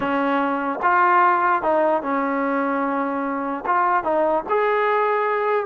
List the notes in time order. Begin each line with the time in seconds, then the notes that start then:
0.00 C#4
0.82 F4
1.62 D#4
2.02 C#4
3.65 F4
4.03 D#4
4.49 G#4